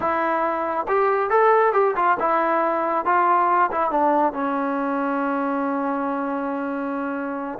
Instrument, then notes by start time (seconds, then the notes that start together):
trombone
0.00 E4
0.88 G4
1.30 A4
1.73 G4
1.95 F4
2.19 E4
3.05 F4
3.71 E4
3.91 D4
4.32 C#4